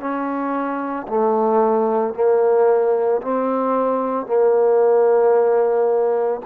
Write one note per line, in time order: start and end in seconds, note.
0.00 1.07 C#4
1.08 2.14 A3
2.14 3.21 A#3
3.22 4.27 C4
4.27 6.41 A#3